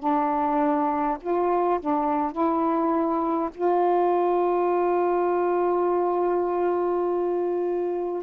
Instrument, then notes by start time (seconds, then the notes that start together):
saxophone
0.00 D4
1.21 F4
1.80 D4
2.32 E4
3.55 F4